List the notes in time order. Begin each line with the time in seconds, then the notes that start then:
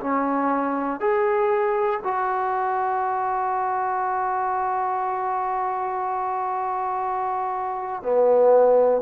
0.00 C#4
1.00 G#4
2.04 F#4
8.02 B3